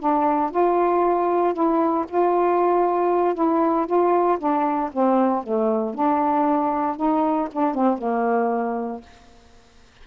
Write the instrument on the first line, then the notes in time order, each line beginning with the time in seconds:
saxophone
0.00 D4
0.51 F4
1.54 E4
2.09 F4
3.35 E4
3.87 F4
4.39 D4
4.93 C4
5.44 A3
5.95 D4
6.97 D#4
7.52 D4
7.75 C4
7.98 A#3